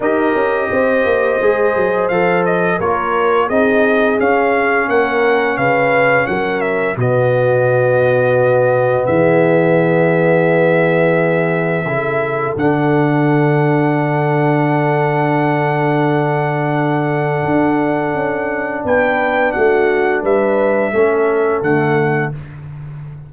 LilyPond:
<<
  \new Staff \with { instrumentName = "trumpet" } { \time 4/4 \tempo 4 = 86 dis''2. f''8 dis''8 | cis''4 dis''4 f''4 fis''4 | f''4 fis''8 e''8 dis''2~ | dis''4 e''2.~ |
e''2 fis''2~ | fis''1~ | fis''2. g''4 | fis''4 e''2 fis''4 | }
  \new Staff \with { instrumentName = "horn" } { \time 4/4 ais'4 c''2. | ais'4 gis'2 ais'4 | b'4 ais'4 fis'2~ | fis'4 gis'2.~ |
gis'4 a'2.~ | a'1~ | a'2. b'4 | fis'4 b'4 a'2 | }
  \new Staff \with { instrumentName = "trombone" } { \time 4/4 g'2 gis'4 a'4 | f'4 dis'4 cis'2~ | cis'2 b2~ | b1~ |
b4 e'4 d'2~ | d'1~ | d'1~ | d'2 cis'4 a4 | }
  \new Staff \with { instrumentName = "tuba" } { \time 4/4 dis'8 cis'8 c'8 ais8 gis8 fis8 f4 | ais4 c'4 cis'4 ais4 | cis4 fis4 b,2~ | b,4 e2.~ |
e4 cis4 d2~ | d1~ | d4 d'4 cis'4 b4 | a4 g4 a4 d4 | }
>>